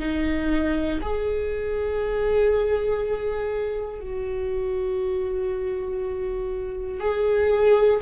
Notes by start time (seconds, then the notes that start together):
0.00 D#4
1.02 G#4
4.01 F#4
7.00 G#4